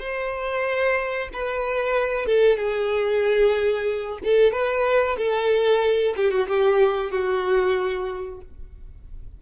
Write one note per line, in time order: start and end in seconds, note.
0.00 1.29 C5
1.34 2.26 B4
2.26 2.58 A4
2.58 4.19 G#4
4.25 4.53 A4
4.53 5.17 B4
5.18 6.15 A4
6.17 6.32 G4
6.32 6.48 F#4
6.48 7.12 G4
7.12 8.41 F#4